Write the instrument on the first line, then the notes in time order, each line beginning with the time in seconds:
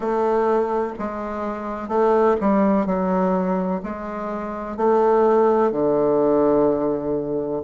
bassoon
0.00 A3
0.98 G#3
1.88 A3
2.40 G3
2.86 F#3
3.83 G#3
4.77 A3
5.71 D3